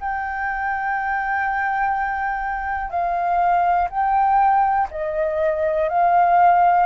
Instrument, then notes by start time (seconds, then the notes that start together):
flute
0.00 G5
2.90 F5
3.90 G5
4.91 D#5
5.89 F5